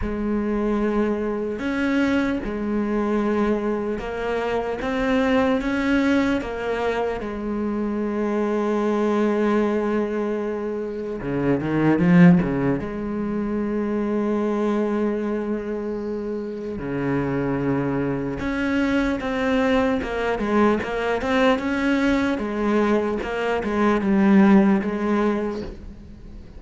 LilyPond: \new Staff \with { instrumentName = "cello" } { \time 4/4 \tempo 4 = 75 gis2 cis'4 gis4~ | gis4 ais4 c'4 cis'4 | ais4 gis2.~ | gis2 cis8 dis8 f8 cis8 |
gis1~ | gis4 cis2 cis'4 | c'4 ais8 gis8 ais8 c'8 cis'4 | gis4 ais8 gis8 g4 gis4 | }